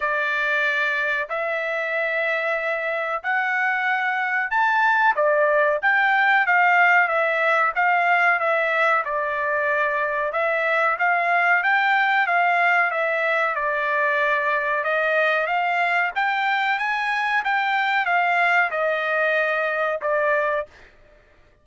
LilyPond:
\new Staff \with { instrumentName = "trumpet" } { \time 4/4 \tempo 4 = 93 d''2 e''2~ | e''4 fis''2 a''4 | d''4 g''4 f''4 e''4 | f''4 e''4 d''2 |
e''4 f''4 g''4 f''4 | e''4 d''2 dis''4 | f''4 g''4 gis''4 g''4 | f''4 dis''2 d''4 | }